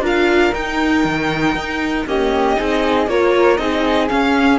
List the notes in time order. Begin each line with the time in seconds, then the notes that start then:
0.00 D4 F4 A#4 F5
0.54 D#4 G5
1.04 D#3
1.55 D#4
2.06 A#3 C#4 G4 D#5
2.56 C4 D#4 G#4
3.07 A#3 F4 A#4 C#5
3.57 C4 D#4 G#4 D#5
4.09 C#4 F5